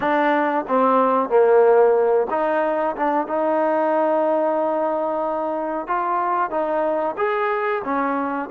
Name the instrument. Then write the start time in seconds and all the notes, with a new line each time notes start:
trombone
0.00 D4
0.68 C4
1.29 A#3
2.30 D#4
2.96 D4
3.27 D#4
5.87 F4
6.50 D#4
7.17 G#4
7.84 C#4